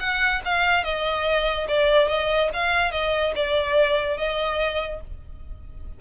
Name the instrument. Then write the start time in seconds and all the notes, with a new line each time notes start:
violin
0.00 F#5
0.45 F5
0.84 D#5
1.69 D5
2.09 D#5
2.54 F5
2.92 D#5
3.36 D5
4.18 D#5